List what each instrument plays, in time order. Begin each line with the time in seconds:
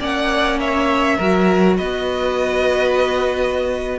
0.00 cello A#3, viola C#4, violin D5 F#5
0.60 violin C#5 E5
1.17 cello F#3, viola F#4, violin A#4
1.77 cello B3, violin B4 D#5